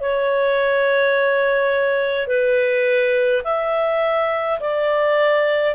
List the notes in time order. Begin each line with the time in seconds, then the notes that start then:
0.00 C#5
2.27 B4
3.44 E5
4.59 D5